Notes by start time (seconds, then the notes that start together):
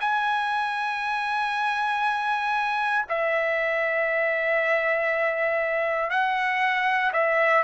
0.00 G#5
3.09 E5
6.10 F#5
7.12 E5